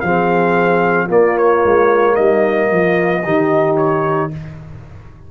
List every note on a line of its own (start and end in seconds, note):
0.00 1.09 F3
0.00 1.08 C4
0.00 1.06 G#4
0.00 1.07 F5
1.06 3.23 A#3
1.06 1.62 A#3
1.06 2.14 F4
1.06 1.37 D5
1.37 2.15 C#5
1.64 2.17 G#3
2.14 2.70 G3
2.14 2.68 D#4
2.14 3.75 D#5
2.70 3.24 F3
2.70 3.24 F4
3.23 4.31 D#3
3.23 4.31 D#4
3.23 4.31 G4
3.77 4.30 C#5